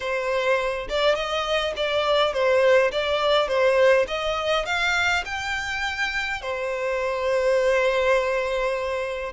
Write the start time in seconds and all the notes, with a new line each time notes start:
0.00 C5
0.89 D5
1.15 D#5
1.76 D5
2.33 C5
2.91 D5
3.47 C5
4.07 D#5
4.65 F5
5.25 G5
6.41 C5